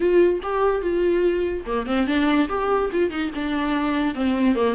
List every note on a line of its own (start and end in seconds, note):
0.00 0.40 F4
0.43 0.81 G4
0.81 1.64 F4
1.66 1.86 A#3
1.86 2.07 C4
2.07 2.48 D4
2.48 2.90 G4
2.92 3.10 F4
3.10 3.30 D#4
3.34 4.14 D4
4.14 4.55 C4
4.55 4.75 A#3